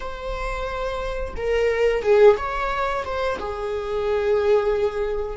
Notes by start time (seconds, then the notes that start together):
0.00 C5
1.36 A#4
2.02 G#4
2.36 C#5
3.04 C5
3.38 G#4